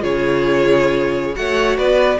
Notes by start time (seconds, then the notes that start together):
0.00 C#3 F4 G#4 C#5
1.35 A3 F#4 C#5 F#5
1.78 B3 B4 D5